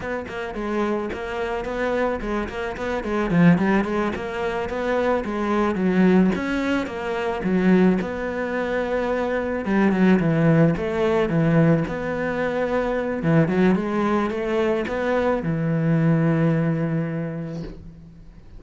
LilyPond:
\new Staff \with { instrumentName = "cello" } { \time 4/4 \tempo 4 = 109 b8 ais8 gis4 ais4 b4 | gis8 ais8 b8 gis8 f8 g8 gis8 ais8~ | ais8 b4 gis4 fis4 cis'8~ | cis'8 ais4 fis4 b4.~ |
b4. g8 fis8 e4 a8~ | a8 e4 b2~ b8 | e8 fis8 gis4 a4 b4 | e1 | }